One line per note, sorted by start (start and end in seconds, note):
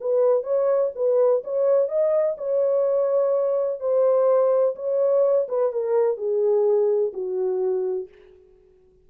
0.00 0.43 B4
0.43 0.90 C#5
0.95 1.42 B4
1.44 1.88 C#5
1.88 2.36 D#5
2.37 3.80 C#5
3.80 4.75 C5
4.75 5.47 C#5
5.48 5.72 B4
5.72 6.17 A#4
6.17 7.12 G#4
7.13 8.08 F#4